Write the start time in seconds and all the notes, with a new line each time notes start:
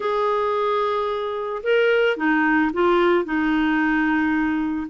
0.00 G#4
1.63 A#4
2.16 D#4
2.73 F4
3.25 D#4